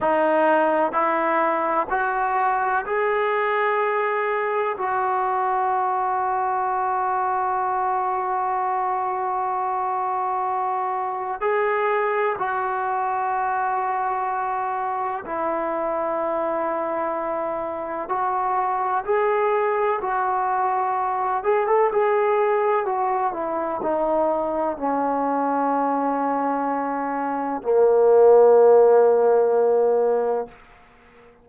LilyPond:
\new Staff \with { instrumentName = "trombone" } { \time 4/4 \tempo 4 = 63 dis'4 e'4 fis'4 gis'4~ | gis'4 fis'2.~ | fis'1 | gis'4 fis'2. |
e'2. fis'4 | gis'4 fis'4. gis'16 a'16 gis'4 | fis'8 e'8 dis'4 cis'2~ | cis'4 ais2. | }